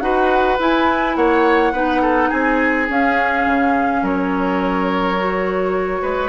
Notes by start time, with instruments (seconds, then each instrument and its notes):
0.00 bassoon D#4, clarinet F#4, oboe B4, flute F#5
0.59 bassoon E4, clarinet E4, flute G#5
1.16 bassoon A#3, oboe C#5, flute F#5
1.72 bassoon B3, clarinet D#4, oboe B4
2.01 oboe A4
2.29 bassoon C4, oboe G#4, flute G#5
2.88 clarinet C#4, bassoon C#4, flute F5
3.46 bassoon C#3
4.02 bassoon F#3, oboe A#4, flute C#5
5.16 clarinet F#4
6.01 bassoon G#3, oboe B4